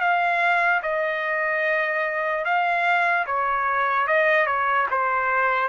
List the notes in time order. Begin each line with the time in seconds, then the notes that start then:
0.00 F5
0.82 D#5
2.44 F5
3.26 C#5
4.07 D#5
4.46 C#5
4.91 C5